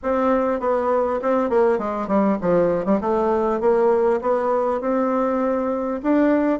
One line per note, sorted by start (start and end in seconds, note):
0.02 0.60 C4
0.60 1.20 B3
1.22 1.49 C4
1.49 1.78 A#3
1.78 2.07 G#3
2.07 2.37 G3
2.41 2.85 F3
2.85 3.00 G3
3.01 3.60 A3
3.60 4.20 A#3
4.21 4.80 B3
4.80 6.00 C4
6.02 6.59 D4